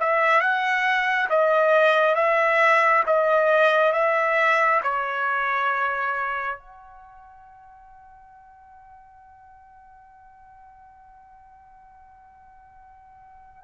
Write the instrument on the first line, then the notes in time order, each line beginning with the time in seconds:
trumpet
0.00 E5
0.41 F#5
1.30 D#5
2.15 E5
3.06 D#5
3.92 E5
4.83 C#5
6.59 F#5